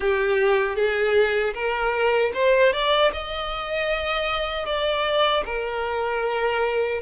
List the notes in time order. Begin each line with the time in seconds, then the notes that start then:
0.00 G4
0.75 G#4
1.54 A#4
2.33 C5
2.72 D5
3.12 D#5
4.65 D5
5.45 A#4